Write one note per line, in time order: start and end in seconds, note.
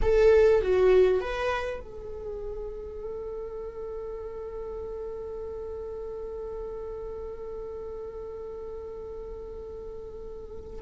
0.02 0.61 A4
0.61 1.20 F#4
1.20 1.80 B4
1.80 10.80 A4